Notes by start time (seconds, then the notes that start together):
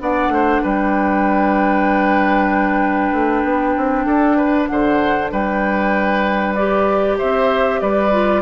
0.00 B3 D4 D5 F#5
0.29 A3 C5
0.63 G3 B4 G5
3.12 A3
3.44 B3
3.78 C4
4.06 D4 A4
4.37 B4
4.66 D3 C5 F#5
5.32 G3 B4 G5
6.55 G4 D5
7.18 C4 C5 E5
7.81 G3 B4 D5
8.12 F4